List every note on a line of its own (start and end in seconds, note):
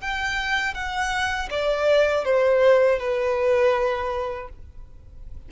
0.00 0.74 G5
0.74 1.49 F#5
1.50 2.24 D5
2.24 2.99 C5
2.99 4.49 B4